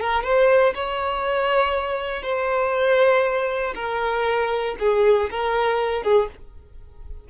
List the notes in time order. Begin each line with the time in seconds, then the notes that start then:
0.00 A#4
0.23 C5
0.74 C#5
2.23 C5
3.75 A#4
4.79 G#4
5.31 A#4
6.03 G#4